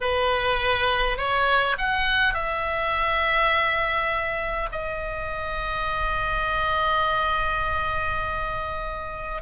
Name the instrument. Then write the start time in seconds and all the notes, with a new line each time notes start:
oboe
0.01 B4
1.17 C#5
1.78 F#5
2.34 E5
4.72 D#5